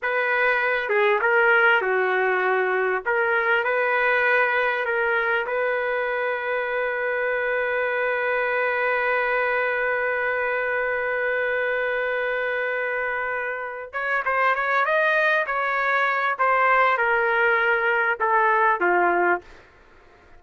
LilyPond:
\new Staff \with { instrumentName = "trumpet" } { \time 4/4 \tempo 4 = 99 b'4. gis'8 ais'4 fis'4~ | fis'4 ais'4 b'2 | ais'4 b'2.~ | b'1~ |
b'1~ | b'2. cis''8 c''8 | cis''8 dis''4 cis''4. c''4 | ais'2 a'4 f'4 | }